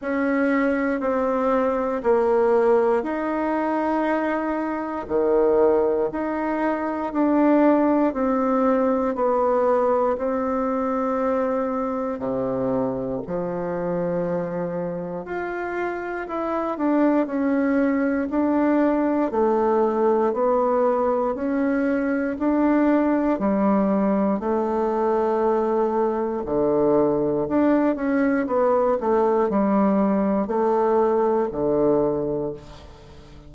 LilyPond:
\new Staff \with { instrumentName = "bassoon" } { \time 4/4 \tempo 4 = 59 cis'4 c'4 ais4 dis'4~ | dis'4 dis4 dis'4 d'4 | c'4 b4 c'2 | c4 f2 f'4 |
e'8 d'8 cis'4 d'4 a4 | b4 cis'4 d'4 g4 | a2 d4 d'8 cis'8 | b8 a8 g4 a4 d4 | }